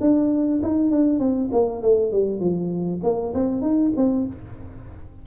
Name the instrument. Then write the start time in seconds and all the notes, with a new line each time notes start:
tuba
0.00 D4
0.62 D#4
0.90 D4
1.19 C4
1.52 A#3
1.82 A3
2.12 G3
2.40 F3
3.03 A#3
3.34 C4
3.61 D#4
3.96 C4